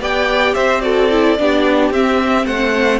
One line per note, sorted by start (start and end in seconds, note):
0.00 0.55 B3
0.00 0.82 G4
0.00 0.55 D5
0.00 0.55 G5
0.55 1.39 C4
0.55 0.82 C5
0.55 0.81 E5
0.81 1.10 F#4
0.81 1.39 A4
0.81 1.91 D5
1.11 1.38 E4
1.38 1.91 B3
1.38 1.93 D4
1.38 2.46 G4
1.91 2.46 C4
1.91 3.00 C4
1.91 2.46 E5
2.46 3.00 A3
2.46 3.00 C5
2.46 3.00 F#5